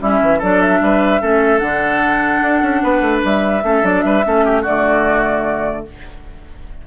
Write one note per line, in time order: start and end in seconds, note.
0.00 0.21 G3
0.00 0.40 C#4
0.00 0.39 E4
0.00 0.41 E5
0.21 0.41 E3
0.39 0.81 F#3
0.39 1.21 D4
0.39 0.79 A4
0.39 0.61 D5
0.61 1.58 E5
0.81 1.21 G3
0.81 1.21 B4
1.21 1.61 A3
1.21 1.59 C#4
1.21 2.82 A4
1.58 2.41 D3
1.58 3.61 D4
1.58 3.19 F#5
2.41 2.62 D4
2.62 2.82 C#4
2.83 3.01 B3
2.83 3.64 B4
3.01 3.21 A3
3.24 3.63 G3
3.24 3.85 E5
3.63 3.83 A3
3.63 3.83 C#4
3.63 4.05 A4
3.83 4.03 F#3
3.83 4.23 D4
3.83 4.01 D5
4.01 4.25 G3
4.01 4.25 B4
4.01 4.62 E5
4.25 4.66 A3
4.25 4.65 C#4
4.25 4.45 A4
4.45 4.61 G4
4.61 5.87 D3
4.61 5.87 A3
4.61 5.82 F#4
4.61 5.85 D5